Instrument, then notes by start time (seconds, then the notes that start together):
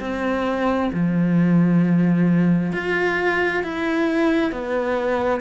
cello
0.00 C4
0.93 F3
2.73 F4
3.64 E4
4.52 B3